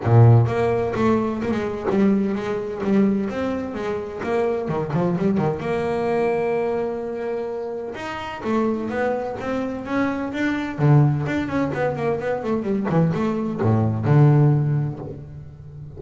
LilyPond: \new Staff \with { instrumentName = "double bass" } { \time 4/4 \tempo 4 = 128 ais,4 ais4 a4 ais16 gis8. | g4 gis4 g4 c'4 | gis4 ais4 dis8 f8 g8 dis8 | ais1~ |
ais4 dis'4 a4 b4 | c'4 cis'4 d'4 d4 | d'8 cis'8 b8 ais8 b8 a8 g8 e8 | a4 a,4 d2 | }